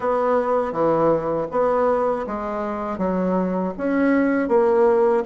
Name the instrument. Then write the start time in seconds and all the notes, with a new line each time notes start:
bassoon
0.00 B3
0.72 E3
1.51 B3
2.26 G#3
2.98 F#3
3.77 C#4
4.48 A#3